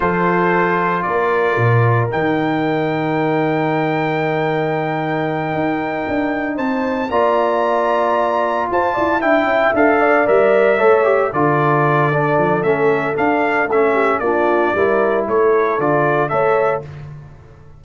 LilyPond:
<<
  \new Staff \with { instrumentName = "trumpet" } { \time 4/4 \tempo 4 = 114 c''2 d''2 | g''1~ | g''1~ | g''8 a''4 ais''2~ ais''8~ |
ais''8 a''4 g''4 f''4 e''8~ | e''4. d''2~ d''8 | e''4 f''4 e''4 d''4~ | d''4 cis''4 d''4 e''4 | }
  \new Staff \with { instrumentName = "horn" } { \time 4/4 a'2 ais'2~ | ais'1~ | ais'1~ | ais'8 c''4 d''2~ d''8~ |
d''8 c''8 d''8 e''4. d''4~ | d''8 cis''4 a'2~ a'8~ | a'2~ a'8 g'8 f'4 | ais'4 a'2 cis''4 | }
  \new Staff \with { instrumentName = "trombone" } { \time 4/4 f'1 | dis'1~ | dis'1~ | dis'4. f'2~ f'8~ |
f'4. e'4 a'4 ais'8~ | ais'8 a'8 g'8 f'4. d'4 | cis'4 d'4 cis'4 d'4 | e'2 f'4 a'4 | }
  \new Staff \with { instrumentName = "tuba" } { \time 4/4 f2 ais4 ais,4 | dis1~ | dis2~ dis8 dis'4 d'8~ | d'8 c'4 ais2~ ais8~ |
ais8 f'8 e'8 d'8 cis'8 d'4 g8~ | g8 a4 d2 f8 | a4 d'4 a4 ais4 | g4 a4 d4 a4 | }
>>